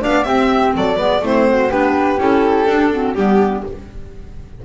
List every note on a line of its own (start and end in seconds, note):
0.00 0.27 B3
0.00 0.24 D4
0.00 0.27 D5
0.00 0.24 F5
0.24 0.75 C4
0.24 0.97 C4
0.24 0.75 G4
0.24 0.73 E5
0.76 1.00 F#3
0.76 0.97 A4
0.76 1.26 D5
0.97 1.22 G#3
0.97 1.21 B3
0.97 1.21 B4
1.22 1.71 A3
1.22 1.71 C4
1.22 1.48 E4
1.22 1.72 C5
1.50 1.71 F#4
1.71 2.19 B3
1.71 2.19 D4
1.71 2.92 G4
1.71 2.20 B4
2.19 2.66 C#4
2.19 2.67 E4
2.19 3.15 A4
2.66 3.15 D4
2.66 2.92 D4
2.92 3.16 C4
2.92 3.16 F#4
3.15 3.64 G3
3.15 3.65 B3
3.15 3.66 D4
3.15 3.63 G4